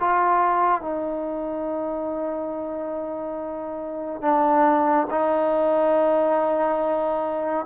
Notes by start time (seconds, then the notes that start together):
0.00 F4
0.81 D#4
4.22 D4
5.10 D#4